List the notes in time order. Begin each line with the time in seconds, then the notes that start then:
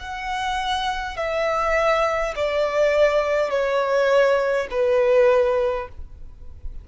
0.00 F#5
1.17 E5
2.36 D5
3.51 C#5
4.71 B4